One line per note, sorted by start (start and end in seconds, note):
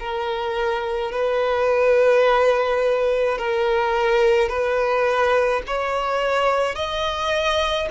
0.00 1.12 A#4
1.12 3.39 B4
3.39 4.49 A#4
4.49 5.62 B4
5.68 6.76 C#5
6.76 7.89 D#5